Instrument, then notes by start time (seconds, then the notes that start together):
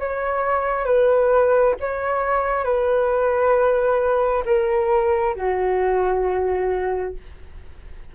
flute
0.00 C#5
0.85 B4
1.80 C#5
2.65 B4
4.46 A#4
5.35 F#4